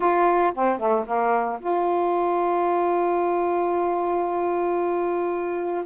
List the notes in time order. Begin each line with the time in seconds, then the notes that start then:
0.00 F4
0.54 C4
0.78 A3
1.06 A#3
1.60 F4